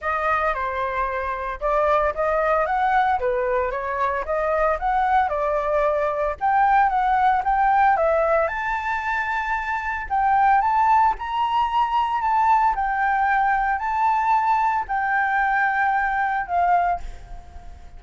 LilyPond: \new Staff \with { instrumentName = "flute" } { \time 4/4 \tempo 4 = 113 dis''4 c''2 d''4 | dis''4 fis''4 b'4 cis''4 | dis''4 fis''4 d''2 | g''4 fis''4 g''4 e''4 |
a''2. g''4 | a''4 ais''2 a''4 | g''2 a''2 | g''2. f''4 | }